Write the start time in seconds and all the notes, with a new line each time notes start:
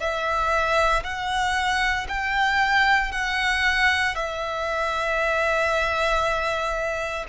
0.00 E5
1.04 F#5
2.09 G5
3.12 F#5
4.16 E5